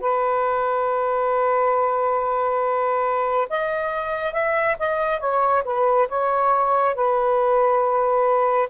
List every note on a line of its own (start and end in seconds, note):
0.00 3.48 B4
3.49 4.33 D#5
4.33 4.76 E5
4.79 5.20 D#5
5.20 5.63 C#5
5.65 6.08 B4
6.09 6.95 C#5
6.95 8.69 B4